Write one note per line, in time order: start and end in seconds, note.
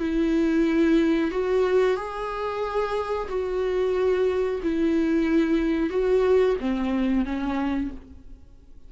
0.00 1.31 E4
1.31 1.97 F#4
1.97 3.28 G#4
3.29 4.61 F#4
4.63 5.90 E4
5.90 6.56 F#4
6.61 7.25 C4
7.25 7.91 C#4